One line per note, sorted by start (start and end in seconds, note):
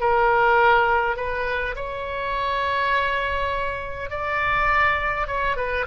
0.00 1.16 A#4
1.16 1.75 B4
1.76 4.10 C#5
4.10 5.27 D5
5.27 5.56 C#5
5.56 5.86 B4